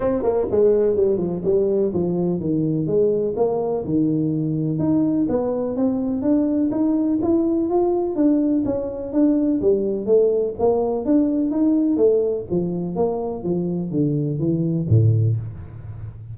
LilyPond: \new Staff \with { instrumentName = "tuba" } { \time 4/4 \tempo 4 = 125 c'8 ais8 gis4 g8 f8 g4 | f4 dis4 gis4 ais4 | dis2 dis'4 b4 | c'4 d'4 dis'4 e'4 |
f'4 d'4 cis'4 d'4 | g4 a4 ais4 d'4 | dis'4 a4 f4 ais4 | f4 d4 e4 a,4 | }